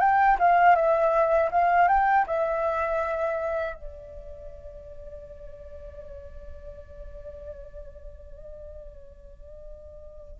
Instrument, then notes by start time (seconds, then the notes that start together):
flute
0.00 G5
0.39 F5
0.75 E5
1.51 F5
1.88 G5
2.27 E5
3.74 D5